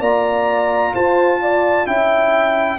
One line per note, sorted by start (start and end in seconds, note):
0.00 0.92 A#3
0.00 1.86 F4
0.00 0.92 D5
0.00 0.94 A#5
0.94 1.86 F4
0.94 1.40 C5
0.94 1.87 A5
1.42 1.88 D5
1.86 2.79 C#4
1.86 2.78 E4
1.86 2.79 E5
1.86 2.79 G5